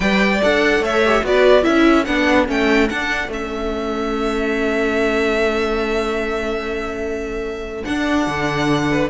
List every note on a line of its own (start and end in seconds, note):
0.00 0.41 G3
0.00 0.39 B4
0.00 0.82 D5
0.00 0.41 G5
0.42 0.80 D4
0.42 1.04 A4
0.42 0.84 F#5
0.80 1.21 A3
0.80 1.23 C#5
0.80 1.25 E5
1.05 1.24 G4
1.23 1.65 B3
1.23 1.62 F#4
1.23 1.65 B4
1.23 1.63 D5
1.62 2.07 C#4
1.62 2.03 E4
1.62 8.89 A4
1.62 2.04 E5
2.04 2.48 B3
2.04 2.47 D4
2.04 2.46 F#5
2.47 2.90 A3
2.47 2.88 C#4
2.47 2.88 G5
2.88 3.30 D4
2.88 3.28 D4
2.88 3.30 F#5
3.28 7.83 A3
3.28 7.84 C#4
3.28 7.84 E5
7.84 9.08 D4
7.84 8.27 D4
7.84 9.08 F#5
8.27 9.09 D3
8.91 9.09 B4